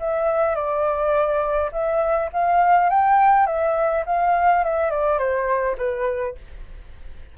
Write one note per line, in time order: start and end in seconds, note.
0.00 0.55 E5
0.55 1.71 D5
1.72 2.30 E5
2.33 2.90 F5
2.90 3.47 G5
3.47 4.05 E5
4.06 4.64 F5
4.64 4.91 E5
4.91 5.19 D5
5.19 5.76 C5
5.78 6.36 B4